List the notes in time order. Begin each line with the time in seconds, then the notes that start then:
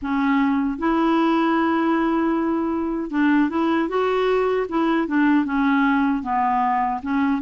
0.02 C#4
0.78 E4
3.10 D4
3.49 E4
3.89 F#4
4.69 E4
5.07 D4
5.45 C#4
6.22 B3
7.02 C#4